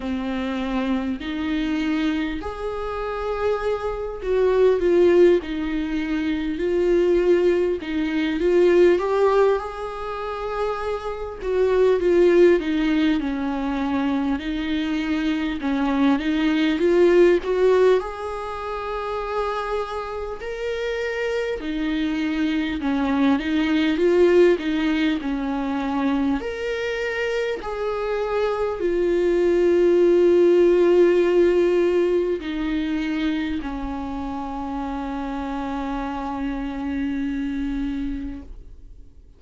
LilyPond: \new Staff \with { instrumentName = "viola" } { \time 4/4 \tempo 4 = 50 c'4 dis'4 gis'4. fis'8 | f'8 dis'4 f'4 dis'8 f'8 g'8 | gis'4. fis'8 f'8 dis'8 cis'4 | dis'4 cis'8 dis'8 f'8 fis'8 gis'4~ |
gis'4 ais'4 dis'4 cis'8 dis'8 | f'8 dis'8 cis'4 ais'4 gis'4 | f'2. dis'4 | cis'1 | }